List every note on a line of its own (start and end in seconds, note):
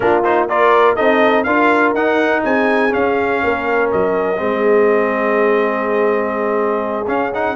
0.00 0.97 A#3
0.00 0.23 D4
0.00 0.48 F4
0.00 0.23 A#4
0.23 0.48 D#4
0.23 0.48 C5
0.48 0.96 F4
0.48 0.96 A#4
0.48 0.95 D5
0.95 1.45 C4
0.95 1.45 D#4
0.95 1.44 A4
0.95 1.43 D#5
1.43 1.93 D4
1.43 1.95 F4
1.43 2.43 A#4
1.43 1.92 F5
1.93 2.42 D#4
1.93 2.90 D#4
1.93 2.43 F#5
2.44 2.93 C4
2.44 3.43 G#4
2.44 2.93 G#5
2.90 4.36 C#4
2.90 3.43 C#4
2.90 3.91 F5
3.43 3.92 A#3
3.43 4.40 A#4
3.91 4.39 F#3
3.91 7.08 D#5
4.37 7.07 G#3
4.37 7.05 C4
4.37 7.56 G#4
7.07 7.31 C#4
7.07 7.56 C#4
7.07 7.32 F5
7.34 7.56 D#4
7.34 7.56 F#5